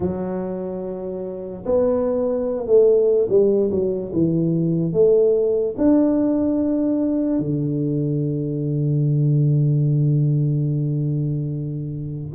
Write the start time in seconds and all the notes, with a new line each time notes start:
0.00 F#3
1.65 B3
2.66 A3
3.29 G3
3.70 F#3
4.12 E3
4.92 A3
5.77 D4
7.39 D3